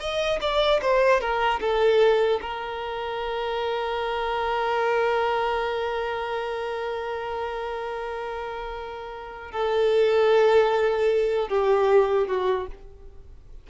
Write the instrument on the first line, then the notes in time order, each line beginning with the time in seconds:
violin
0.00 D#5
0.41 D5
0.82 C5
1.21 A#4
1.61 A4
2.42 A#4
9.52 A4
11.49 G4
12.28 F#4